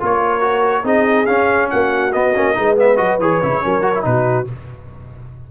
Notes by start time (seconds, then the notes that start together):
0.00 A#3 F4 A#4 C#5
0.41 F#4
0.83 C4 D#4 G#4 D#5
1.26 C#4 F5
1.70 A#3 F#4 F#5
2.12 B3 D#5
2.35 A#3 C#4
2.54 G#3 D#4 B4
2.76 B3 E5
2.96 F#3 F#4 D#5
3.19 E3 G#4 C#5
3.43 C#3 E4
3.62 F#3 C#4 A#4
3.82 F#4
3.95 E4
4.02 B2 D#4 B4
4.08 F#4